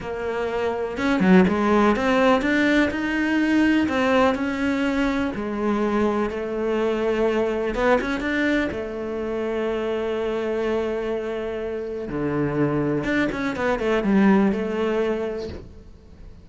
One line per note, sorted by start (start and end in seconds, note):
0.00 0.97 A#3
0.97 1.20 C#4
1.20 1.44 F#3
1.48 1.96 G#3
1.96 2.41 C4
2.41 2.89 D4
2.90 3.87 D#4
3.88 4.35 C4
4.35 5.31 C#4
5.35 6.29 G#3
6.29 7.74 A3
7.74 7.99 B3
8.00 8.20 C#4
8.20 8.68 D4
8.71 12.08 A3
12.08 13.04 D3
13.04 13.28 D4
13.32 13.55 C#4
13.55 13.79 B3
13.79 14.03 A3
14.03 14.52 G3
14.52 15.48 A3